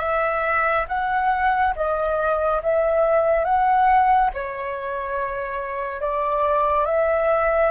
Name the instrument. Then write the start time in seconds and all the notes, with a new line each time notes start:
flute
0.00 E5
0.88 F#5
1.76 D#5
2.63 E5
3.45 F#5
4.34 C#5
6.02 D5
6.86 E5